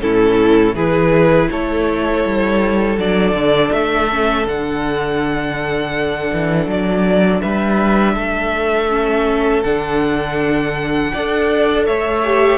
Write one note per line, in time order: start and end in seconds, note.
0.00 0.75 A2
0.00 0.74 C#4
0.00 0.75 E4
0.00 0.75 A4
0.75 1.49 E3
0.75 2.99 E4
0.75 1.49 G#4
0.75 1.50 B4
1.51 2.25 A3
1.51 7.42 A4
1.51 2.99 C#5
2.25 2.98 G3
2.98 3.33 F#3
2.98 4.10 D4
2.98 3.73 D5
3.33 3.70 D3
3.73 4.47 A3
3.73 4.47 E5
4.10 4.46 C#4
4.46 6.32 D3
4.46 8.90 D4
4.46 6.71 F#5
6.33 6.67 E3
6.67 7.41 F#3
6.67 7.42 D5
7.42 8.16 G3
7.42 8.15 B4
7.42 9.63 E5
8.15 9.64 A3
8.15 11.11 A4
8.90 9.64 C#4
9.63 11.13 D3
9.63 11.13 D4
9.63 11.85 F#5
11.14 11.88 D4
11.14 12.24 A4
11.14 11.87 D5
11.87 12.59 A3
11.87 12.59 C#5
11.87 12.59 E5
12.24 12.59 G4